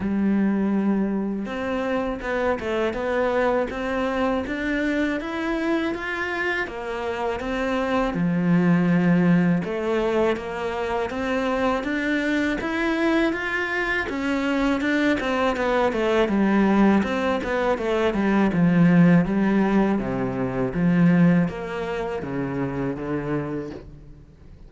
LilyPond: \new Staff \with { instrumentName = "cello" } { \time 4/4 \tempo 4 = 81 g2 c'4 b8 a8 | b4 c'4 d'4 e'4 | f'4 ais4 c'4 f4~ | f4 a4 ais4 c'4 |
d'4 e'4 f'4 cis'4 | d'8 c'8 b8 a8 g4 c'8 b8 | a8 g8 f4 g4 c4 | f4 ais4 cis4 d4 | }